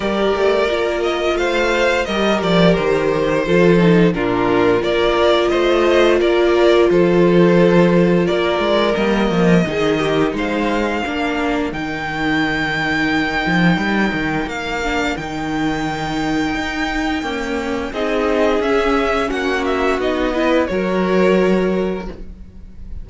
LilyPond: <<
  \new Staff \with { instrumentName = "violin" } { \time 4/4 \tempo 4 = 87 d''4. dis''8 f''4 dis''8 d''8 | c''2 ais'4 d''4 | dis''4 d''4 c''2 | d''4 dis''2 f''4~ |
f''4 g''2.~ | g''4 f''4 g''2~ | g''2 dis''4 e''4 | fis''8 e''8 dis''4 cis''2 | }
  \new Staff \with { instrumentName = "violin" } { \time 4/4 ais'2 c''4 ais'4~ | ais'4 a'4 f'4 ais'4 | c''4 ais'4 a'2 | ais'2 gis'8 g'8 c''4 |
ais'1~ | ais'1~ | ais'2 gis'2 | fis'4. b'8 ais'2 | }
  \new Staff \with { instrumentName = "viola" } { \time 4/4 g'4 f'2 g'4~ | g'4 f'8 dis'8 d'4 f'4~ | f'1~ | f'4 ais4 dis'2 |
d'4 dis'2.~ | dis'4. d'8 dis'2~ | dis'4 ais4 dis'4 cis'4~ | cis'4 dis'8 e'8 fis'2 | }
  \new Staff \with { instrumentName = "cello" } { \time 4/4 g8 a8 ais4 a4 g8 f8 | dis4 f4 ais,4 ais4 | a4 ais4 f2 | ais8 gis8 g8 f8 dis4 gis4 |
ais4 dis2~ dis8 f8 | g8 dis8 ais4 dis2 | dis'4 cis'4 c'4 cis'4 | ais4 b4 fis2 | }
>>